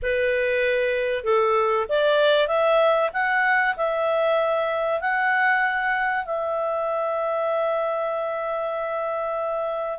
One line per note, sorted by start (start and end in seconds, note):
0.02 1.23 B4
1.23 1.86 A4
1.88 2.47 D5
2.47 3.10 E5
3.12 3.75 F#5
3.76 5.00 E5
5.00 6.25 F#5
6.25 9.99 E5